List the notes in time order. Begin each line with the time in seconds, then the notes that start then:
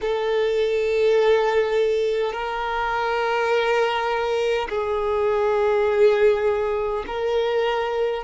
0.01 A4
2.32 A#4
4.68 G#4
7.06 A#4